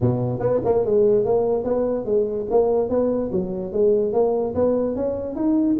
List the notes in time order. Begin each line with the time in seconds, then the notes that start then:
0.00 B2
0.39 B3
0.64 A#3
0.85 G#3
1.24 A#3
1.64 B3
2.05 G#3
2.50 A#3
2.89 B3
3.32 F#3
3.72 G#3
4.13 A#3
4.54 B3
4.95 C#4
5.35 D#4